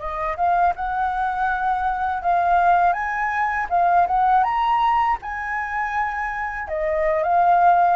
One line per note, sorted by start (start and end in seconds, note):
0.00 0.37 D#5
0.37 0.74 F5
0.76 2.23 F#5
2.23 2.93 F5
2.93 3.67 G#5
3.70 4.07 F5
4.08 4.44 F#5
4.44 5.18 A#5
5.23 6.68 G#5
6.68 7.24 D#5
7.24 7.97 F5